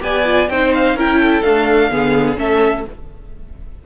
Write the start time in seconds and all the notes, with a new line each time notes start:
0.00 B3 G4 D5 G#5
0.25 F4
0.49 C4 D#4 C5 G5
0.75 F5
0.94 C#4 E4 A#4 G5
1.20 A4
1.43 A3 D4 F5
1.90 D3 B3 G#4
2.37 A3 C#4 A4 E5